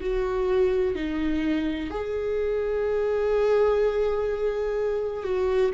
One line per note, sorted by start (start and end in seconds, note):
0.00 0.95 F#4
0.95 1.90 D#4
1.90 5.23 G#4
5.23 5.71 F#4